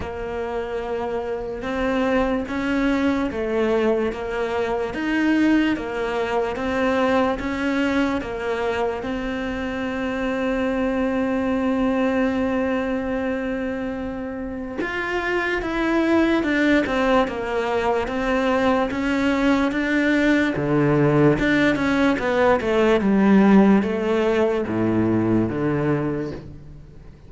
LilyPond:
\new Staff \with { instrumentName = "cello" } { \time 4/4 \tempo 4 = 73 ais2 c'4 cis'4 | a4 ais4 dis'4 ais4 | c'4 cis'4 ais4 c'4~ | c'1~ |
c'2 f'4 e'4 | d'8 c'8 ais4 c'4 cis'4 | d'4 d4 d'8 cis'8 b8 a8 | g4 a4 a,4 d4 | }